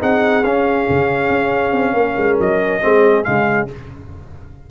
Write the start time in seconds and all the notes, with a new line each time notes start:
0.00 C4 D#4 G#4 F#5
0.43 C#4 F5
0.89 C#3
1.29 C#4
1.72 C4
1.94 A#3 A#4
2.17 G#3
2.40 F#3 D#5
2.81 G#3 C4 G#4
3.23 C#3 G#3 F5